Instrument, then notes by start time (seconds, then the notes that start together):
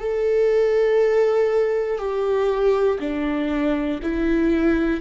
viola
0.00 A4
1.99 G4
3.00 D4
4.02 E4